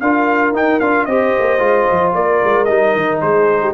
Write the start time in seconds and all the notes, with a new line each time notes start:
0.00 D4 F4 A#4 F5
0.53 D#4 G5
0.80 D4 F4 F5
1.05 C4 G4 C5 D#5
1.39 A#3
1.59 G#3 F4
1.91 F3
2.14 A#3 A#4 D5
2.44 G#3
2.65 G3 D#4 D#5
2.95 D#3
3.21 G#3 G#4 C5
3.62 G4